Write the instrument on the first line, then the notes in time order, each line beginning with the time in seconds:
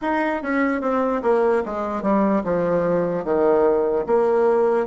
bassoon
0.01 D#4
0.42 C#4
0.81 C4
1.22 A#3
1.65 G#3
2.02 G3
2.43 F3
3.24 D#3
4.06 A#3